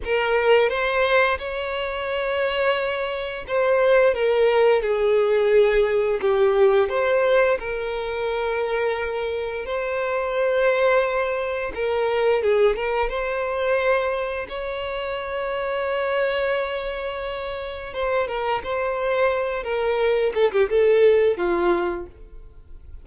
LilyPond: \new Staff \with { instrumentName = "violin" } { \time 4/4 \tempo 4 = 87 ais'4 c''4 cis''2~ | cis''4 c''4 ais'4 gis'4~ | gis'4 g'4 c''4 ais'4~ | ais'2 c''2~ |
c''4 ais'4 gis'8 ais'8 c''4~ | c''4 cis''2.~ | cis''2 c''8 ais'8 c''4~ | c''8 ais'4 a'16 g'16 a'4 f'4 | }